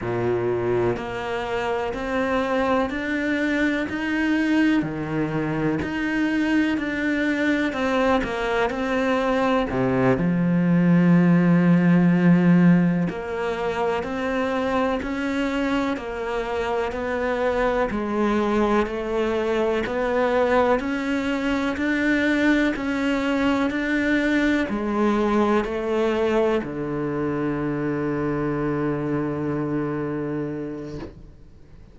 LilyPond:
\new Staff \with { instrumentName = "cello" } { \time 4/4 \tempo 4 = 62 ais,4 ais4 c'4 d'4 | dis'4 dis4 dis'4 d'4 | c'8 ais8 c'4 c8 f4.~ | f4. ais4 c'4 cis'8~ |
cis'8 ais4 b4 gis4 a8~ | a8 b4 cis'4 d'4 cis'8~ | cis'8 d'4 gis4 a4 d8~ | d1 | }